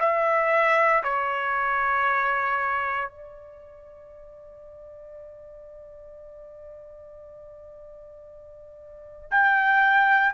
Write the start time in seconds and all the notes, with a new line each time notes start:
0.00 E5
1.04 C#5
3.09 D5
9.32 G5